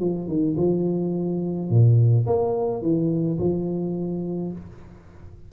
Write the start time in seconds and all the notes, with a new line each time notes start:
0.00 F3
0.27 D#3
0.57 F3
1.69 A#2
2.26 A#3
2.82 E3
3.39 F3